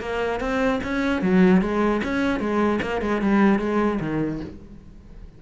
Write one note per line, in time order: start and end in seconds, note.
0.00 0.40 A#3
0.40 0.80 C4
0.83 1.22 C#4
1.22 1.61 F#3
1.61 2.01 G#3
2.04 2.40 C#4
2.40 2.80 G#3
2.81 3.01 A#3
3.01 3.21 G#3
3.21 3.59 G3
3.59 3.99 G#3
4.00 4.40 D#3